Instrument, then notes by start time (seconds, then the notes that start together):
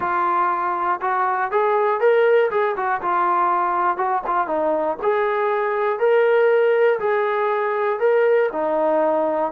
trombone
0.00 F4
1.01 F#4
1.51 G#4
2.00 A#4
2.50 G#4
2.76 F#4
3.01 F4
3.97 F#4
4.26 F4
4.47 D#4
5.02 G#4
5.99 A#4
6.99 G#4
7.99 A#4
8.52 D#4